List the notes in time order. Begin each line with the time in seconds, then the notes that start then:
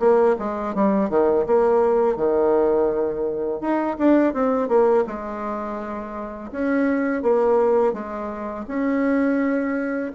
0.00 A#3
0.39 G#3
0.75 G3
1.10 D#3
1.47 A#3
2.17 D#3
3.61 D#4
3.99 D4
4.34 C4
4.69 A#3
5.07 G#3
6.52 C#4
7.23 A#3
7.94 G#3
8.68 C#4